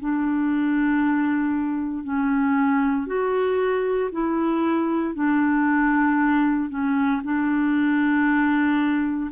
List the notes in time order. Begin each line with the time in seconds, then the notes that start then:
0.00 D4
2.04 C#4
3.07 F#4
4.12 E4
5.14 D4
6.70 C#4
7.24 D4